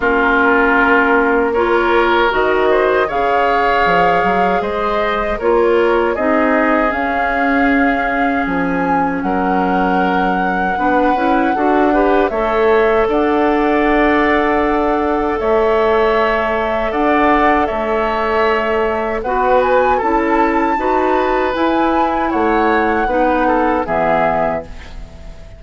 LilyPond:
<<
  \new Staff \with { instrumentName = "flute" } { \time 4/4 \tempo 4 = 78 ais'2 cis''4 dis''4 | f''2 dis''4 cis''4 | dis''4 f''2 gis''4 | fis''1 |
e''4 fis''2. | e''2 fis''4 e''4~ | e''4 fis''8 gis''8 a''2 | gis''4 fis''2 e''4 | }
  \new Staff \with { instrumentName = "oboe" } { \time 4/4 f'2 ais'4. c''8 | cis''2 c''4 ais'4 | gis'1 | ais'2 b'4 a'8 b'8 |
cis''4 d''2. | cis''2 d''4 cis''4~ | cis''4 b'4 a'4 b'4~ | b'4 cis''4 b'8 a'8 gis'4 | }
  \new Staff \with { instrumentName = "clarinet" } { \time 4/4 cis'2 f'4 fis'4 | gis'2. f'4 | dis'4 cis'2.~ | cis'2 d'8 e'8 fis'8 g'8 |
a'1~ | a'1~ | a'4 fis'4 e'4 fis'4 | e'2 dis'4 b4 | }
  \new Staff \with { instrumentName = "bassoon" } { \time 4/4 ais2. dis4 | cis4 f8 fis8 gis4 ais4 | c'4 cis'2 f4 | fis2 b8 cis'8 d'4 |
a4 d'2. | a2 d'4 a4~ | a4 b4 cis'4 dis'4 | e'4 a4 b4 e4 | }
>>